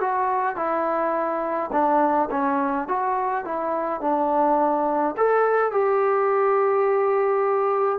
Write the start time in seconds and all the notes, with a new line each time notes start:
0.00 F#4
0.56 E4
1.72 D4
2.31 C#4
2.88 F#4
3.44 E4
4.01 D4
5.17 A4
5.71 G4